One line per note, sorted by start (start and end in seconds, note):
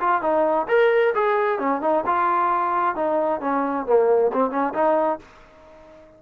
0.00 0.21 F4
0.21 0.67 D#4
0.68 1.13 A#4
1.14 1.59 G#4
1.59 1.81 C#4
1.81 2.04 D#4
2.06 2.95 F4
2.95 3.40 D#4
3.40 3.86 C#4
3.86 4.31 A#3
4.33 4.50 C4
4.50 4.73 C#4
4.73 5.19 D#4